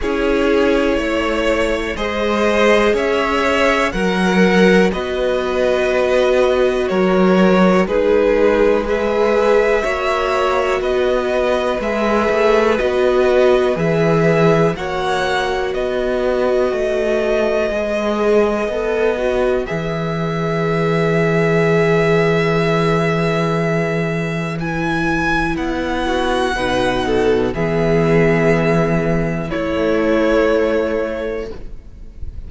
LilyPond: <<
  \new Staff \with { instrumentName = "violin" } { \time 4/4 \tempo 4 = 61 cis''2 dis''4 e''4 | fis''4 dis''2 cis''4 | b'4 e''2 dis''4 | e''4 dis''4 e''4 fis''4 |
dis''1 | e''1~ | e''4 gis''4 fis''2 | e''2 cis''2 | }
  \new Staff \with { instrumentName = "violin" } { \time 4/4 gis'4 cis''4 c''4 cis''4 | ais'4 b'2 ais'4 | gis'4 b'4 cis''4 b'4~ | b'2. cis''4 |
b'1~ | b'1~ | b'2~ b'8 fis'8 b'8 a'8 | gis'2 e'2 | }
  \new Staff \with { instrumentName = "viola" } { \time 4/4 e'2 gis'2 | ais'4 fis'2. | dis'4 gis'4 fis'2 | gis'4 fis'4 gis'4 fis'4~ |
fis'2 gis'4 a'8 fis'8 | gis'1~ | gis'4 e'2 dis'4 | b2 a2 | }
  \new Staff \with { instrumentName = "cello" } { \time 4/4 cis'4 a4 gis4 cis'4 | fis4 b2 fis4 | gis2 ais4 b4 | gis8 a8 b4 e4 ais4 |
b4 a4 gis4 b4 | e1~ | e2 b4 b,4 | e2 a2 | }
>>